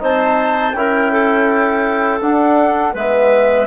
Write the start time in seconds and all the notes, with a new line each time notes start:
0.00 C4 D#4 C5 A5
0.73 C#4 E4 A#4 G5
1.12 A4
2.21 D4 F#5
2.94 G#3 B3 B4 E5